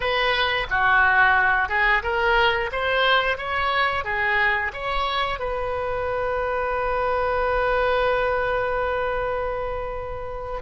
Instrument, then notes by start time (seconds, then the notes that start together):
oboe
0.00 B4
0.70 F#4
1.69 G#4
2.02 A#4
2.72 C5
3.37 C#5
4.04 G#4
4.73 C#5
5.39 B4